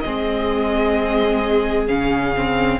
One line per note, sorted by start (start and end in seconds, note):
0.00 1.88 G#3
0.00 1.88 C4
0.00 2.80 G#4
0.00 1.85 D#5
1.88 2.80 C#3
1.88 2.34 C#4
1.88 2.80 F5
2.36 2.80 C4